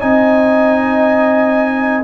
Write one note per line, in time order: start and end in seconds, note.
0.00 2.04 C4
0.00 2.03 D#4
0.00 2.04 D#5
0.00 2.04 G#5